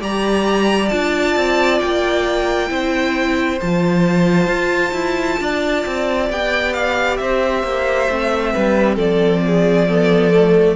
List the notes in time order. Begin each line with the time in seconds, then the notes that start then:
0.00 G3 G4 D5 A#5
0.89 D4 F4 A5
1.36 C4
1.80 A#3 G5
2.68 C4 E4 C5
3.60 F3 F4 A5
4.47 F4
4.93 E4
5.39 D4 D5
5.86 C4
6.29 B3 G4 G5
6.73 F5
7.16 C4 C5 E5
7.63 A#3
8.09 A3 C4
8.53 G3 B4
8.96 F3 A4 D5
9.46 G#4
9.87 B3 A4
10.31 A3